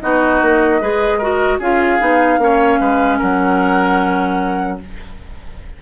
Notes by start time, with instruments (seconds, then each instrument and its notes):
0.00 bassoon B3, clarinet D#4, oboe F#4, flute D#5
0.42 bassoon A#3
0.81 bassoon G#3, clarinet G#4, oboe B4
1.18 clarinet F#4, oboe A#4
1.59 bassoon C#4, clarinet F4, oboe G#4, flute F5
2.00 bassoon B3, clarinet D#4
2.38 bassoon A#3, clarinet C#4, oboe C#5
2.80 bassoon G#3, oboe B4
3.19 bassoon F#3, oboe A#4, flute F#5